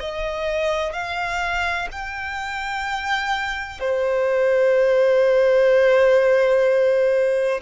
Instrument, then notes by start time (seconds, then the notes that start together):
violin
0.00 D#5
0.93 F5
1.92 G5
3.80 C5